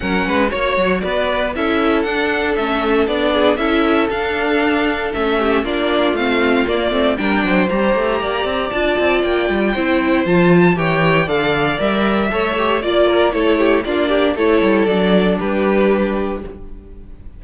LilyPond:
<<
  \new Staff \with { instrumentName = "violin" } { \time 4/4 \tempo 4 = 117 fis''4 cis''4 d''4 e''4 | fis''4 e''4 d''4 e''4 | f''2 e''4 d''4 | f''4 d''4 g''4 ais''4~ |
ais''4 a''4 g''2 | a''4 g''4 f''4 e''4~ | e''4 d''4 cis''4 d''4 | cis''4 d''4 b'2 | }
  \new Staff \with { instrumentName = "violin" } { \time 4/4 ais'8 b'8 cis''4 b'4 a'4~ | a'2~ a'8 gis'8 a'4~ | a'2~ a'8 g'8 f'4~ | f'2 ais'8 c''4. |
d''2. c''4~ | c''4 cis''4 d''2 | cis''4 d''8 ais'8 a'8 g'8 f'8 g'8 | a'2 g'2 | }
  \new Staff \with { instrumentName = "viola" } { \time 4/4 cis'4 fis'2 e'4 | d'4 cis'4 d'4 e'4 | d'2 cis'4 d'4 | c'4 ais8 c'8 d'4 g'4~ |
g'4 f'2 e'4 | f'4 g'4 a'4 ais'4 | a'8 g'8 f'4 e'4 d'4 | e'4 d'2. | }
  \new Staff \with { instrumentName = "cello" } { \time 4/4 fis8 gis8 ais8 fis8 b4 cis'4 | d'4 a4 b4 cis'4 | d'2 a4 ais4 | a4 ais8 a8 g8 fis8 g8 a8 |
ais8 c'8 d'8 c'8 ais8 g8 c'4 | f4 e4 d4 g4 | a4 ais4 a4 ais4 | a8 g8 fis4 g2 | }
>>